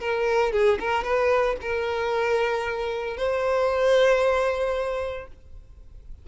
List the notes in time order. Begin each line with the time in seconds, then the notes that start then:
0.00 A#4
0.53 G#4
0.80 A#4
1.04 B4
1.62 A#4
3.17 C5